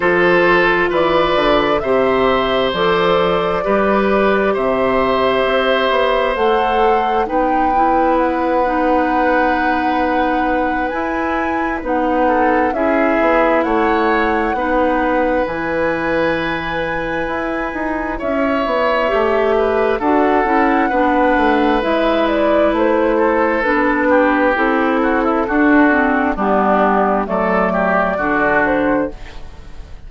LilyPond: <<
  \new Staff \with { instrumentName = "flute" } { \time 4/4 \tempo 4 = 66 c''4 d''4 e''4 d''4~ | d''4 e''2 fis''4 | g''4 fis''2. | gis''4 fis''4 e''4 fis''4~ |
fis''4 gis''2. | e''2 fis''2 | e''8 d''8 c''4 b'4 a'4~ | a'4 g'4 d''4. c''8 | }
  \new Staff \with { instrumentName = "oboe" } { \time 4/4 a'4 b'4 c''2 | b'4 c''2. | b'1~ | b'4. a'8 gis'4 cis''4 |
b'1 | cis''4. b'8 a'4 b'4~ | b'4. a'4 g'4 fis'16 e'16 | fis'4 d'4 a'8 g'8 fis'4 | }
  \new Staff \with { instrumentName = "clarinet" } { \time 4/4 f'2 g'4 a'4 | g'2. a'4 | dis'8 e'4 dis'2~ dis'8 | e'4 dis'4 e'2 |
dis'4 e'2.~ | e'4 g'4 fis'8 e'8 d'4 | e'2 d'4 e'4 | d'8 c'8 b4 a4 d'4 | }
  \new Staff \with { instrumentName = "bassoon" } { \time 4/4 f4 e8 d8 c4 f4 | g4 c4 c'8 b8 a4 | b1 | e'4 b4 cis'8 b8 a4 |
b4 e2 e'8 dis'8 | cis'8 b8 a4 d'8 cis'8 b8 a8 | gis4 a4 b4 c'4 | d'4 g4 fis4 d4 | }
>>